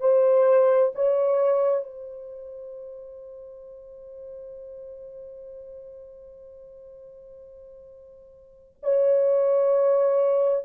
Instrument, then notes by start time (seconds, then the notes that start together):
horn
0.00 C5
0.94 C#5
1.84 C5
8.83 C#5